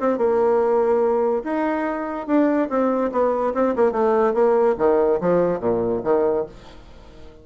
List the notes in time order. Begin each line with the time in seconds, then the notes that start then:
0.00 C4
0.18 A#3
1.44 D#4
2.27 D4
2.69 C4
3.12 B3
3.54 C4
3.76 A#3
3.92 A3
4.34 A#3
4.78 D#3
5.21 F3
5.60 A#2
6.04 D#3